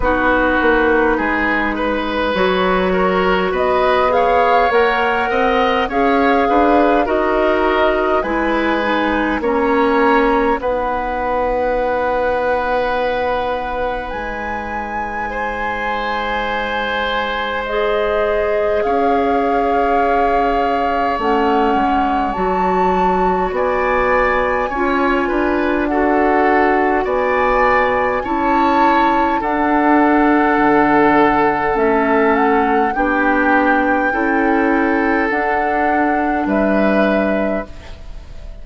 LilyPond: <<
  \new Staff \with { instrumentName = "flute" } { \time 4/4 \tempo 4 = 51 b'2 cis''4 dis''8 f''8 | fis''4 f''4 dis''4 gis''4 | ais''4 fis''2. | gis''2. dis''4 |
f''2 fis''4 a''4 | gis''2 fis''4 gis''4 | a''4 fis''2 e''8 fis''8 | g''2 fis''4 e''4 | }
  \new Staff \with { instrumentName = "oboe" } { \time 4/4 fis'4 gis'8 b'4 ais'8 b'8 cis''8~ | cis''8 dis''8 cis''8 b'8 ais'4 b'4 | cis''4 b'2.~ | b'4 c''2. |
cis''1 | d''4 cis''8 b'8 a'4 d''4 | cis''4 a'2. | g'4 a'2 b'4 | }
  \new Staff \with { instrumentName = "clarinet" } { \time 4/4 dis'2 fis'4. gis'8 | ais'4 gis'4 fis'4 e'8 dis'8 | cis'4 dis'2.~ | dis'2. gis'4~ |
gis'2 cis'4 fis'4~ | fis'4 f'4 fis'2 | e'4 d'2 cis'4 | d'4 e'4 d'2 | }
  \new Staff \with { instrumentName = "bassoon" } { \time 4/4 b8 ais8 gis4 fis4 b4 | ais8 c'8 cis'8 d'8 dis'4 gis4 | ais4 b2. | gis1 |
cis'2 a8 gis8 fis4 | b4 cis'8 d'4. b4 | cis'4 d'4 d4 a4 | b4 cis'4 d'4 g4 | }
>>